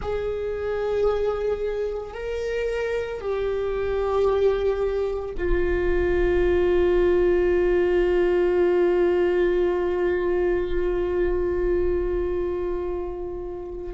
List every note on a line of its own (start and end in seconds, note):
0.01 2.13 G#4
2.13 3.20 A#4
3.20 5.35 G4
5.37 13.93 F4